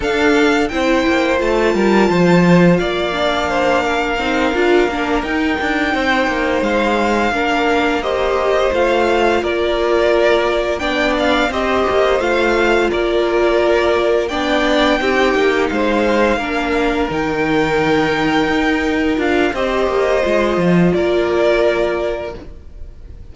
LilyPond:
<<
  \new Staff \with { instrumentName = "violin" } { \time 4/4 \tempo 4 = 86 f''4 g''4 a''2 | f''2.~ f''8 g''8~ | g''4. f''2 dis''8~ | dis''8 f''4 d''2 g''8 |
f''8 dis''4 f''4 d''4.~ | d''8 g''2 f''4.~ | f''8 g''2. f''8 | dis''2 d''2 | }
  \new Staff \with { instrumentName = "violin" } { \time 4/4 a'4 c''4. ais'8 c''4 | d''4 c''8 ais'2~ ais'8~ | ais'8 c''2 ais'4 c''8~ | c''4. ais'2 d''8~ |
d''8 c''2 ais'4.~ | ais'8 d''4 g'4 c''4 ais'8~ | ais'1 | c''2 ais'2 | }
  \new Staff \with { instrumentName = "viola" } { \time 4/4 d'4 e'4 f'2~ | f'8 d'4. dis'8 f'8 d'8 dis'8~ | dis'2~ dis'8 d'4 g'8~ | g'8 f'2. d'8~ |
d'8 g'4 f'2~ f'8~ | f'8 d'4 dis'2 d'8~ | d'8 dis'2. f'8 | g'4 f'2. | }
  \new Staff \with { instrumentName = "cello" } { \time 4/4 d'4 c'8 ais8 a8 g8 f4 | ais2 c'8 d'8 ais8 dis'8 | d'8 c'8 ais8 gis4 ais4.~ | ais8 a4 ais2 b8~ |
b8 c'8 ais8 a4 ais4.~ | ais8 b4 c'8 ais8 gis4 ais8~ | ais8 dis2 dis'4 d'8 | c'8 ais8 gis8 f8 ais2 | }
>>